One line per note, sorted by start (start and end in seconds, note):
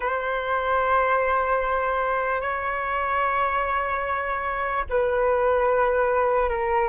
0.00 2.41 C5
2.41 4.84 C#5
4.89 6.49 B4
6.49 6.88 A#4